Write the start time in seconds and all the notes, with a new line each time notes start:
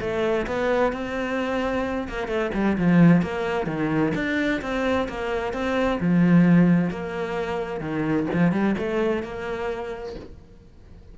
0.00 A3
0.46 B3
0.92 C4
2.08 A#3
2.27 A3
2.54 G3
2.77 F3
3.22 A#3
3.66 D#3
4.15 D4
4.61 C4
5.08 A#3
5.53 C4
6.00 F3
6.90 A#3
7.80 D#3
8.33 F3
8.52 G3
8.78 A3
9.22 A#3